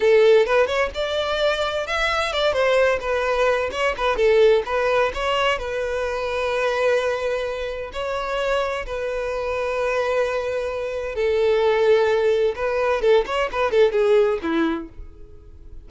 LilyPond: \new Staff \with { instrumentName = "violin" } { \time 4/4 \tempo 4 = 129 a'4 b'8 cis''8 d''2 | e''4 d''8 c''4 b'4. | cis''8 b'8 a'4 b'4 cis''4 | b'1~ |
b'4 cis''2 b'4~ | b'1 | a'2. b'4 | a'8 cis''8 b'8 a'8 gis'4 e'4 | }